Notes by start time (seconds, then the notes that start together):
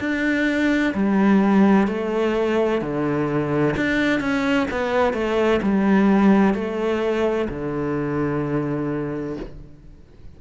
0.00 D4
0.94 G3
1.87 A3
2.81 D3
3.77 D4
4.20 C#4
4.71 B3
5.13 A3
5.62 G3
6.55 A3
7.49 D3